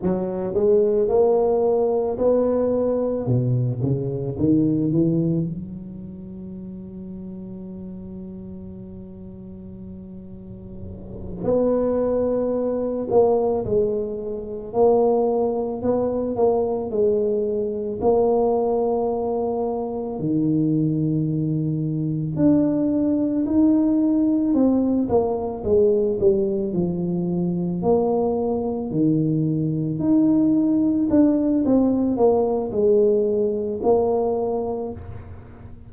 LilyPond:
\new Staff \with { instrumentName = "tuba" } { \time 4/4 \tempo 4 = 55 fis8 gis8 ais4 b4 b,8 cis8 | dis8 e8 fis2.~ | fis2~ fis8 b4. | ais8 gis4 ais4 b8 ais8 gis8~ |
gis8 ais2 dis4.~ | dis8 d'4 dis'4 c'8 ais8 gis8 | g8 f4 ais4 dis4 dis'8~ | dis'8 d'8 c'8 ais8 gis4 ais4 | }